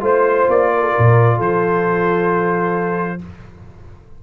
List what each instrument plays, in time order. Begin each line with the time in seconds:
0.00 tuba A3, trombone F4, horn C5, trumpet C5
0.48 tuba A#3, trumpet D5
0.74 horn A#4
0.82 horn A4
0.91 horn A#4
0.98 tuba A#2
1.36 tuba F3, horn A4, trumpet C5